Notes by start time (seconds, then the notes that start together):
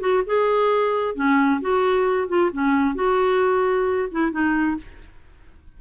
0.00 F#4
0.26 G#4
1.15 C#4
1.61 F#4
2.28 F4
2.52 C#4
2.95 F#4
4.11 E4
4.31 D#4